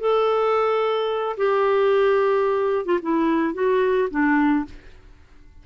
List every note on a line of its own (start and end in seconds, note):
0.00 1.36 A4
1.37 2.85 G4
2.85 2.99 F4
3.02 3.54 E4
3.54 4.09 F#4
4.11 4.65 D4